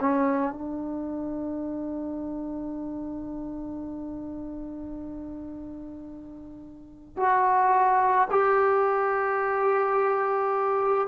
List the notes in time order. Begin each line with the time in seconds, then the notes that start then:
0.00 C#4
0.53 D4
7.17 F#4
8.31 G4